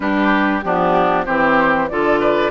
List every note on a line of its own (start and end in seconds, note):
0.00 0.63 G3
0.00 0.62 D4
0.00 0.64 G4
0.00 0.61 B4
0.61 1.27 F3
0.61 1.26 B3
0.61 1.25 D4
0.61 1.24 G4
1.25 1.90 E3
1.25 1.89 C4
1.25 1.88 G4
1.25 1.88 C5
1.88 2.51 D3
1.88 2.51 F4
1.88 2.20 A4
1.88 2.51 D5
2.20 2.51 B4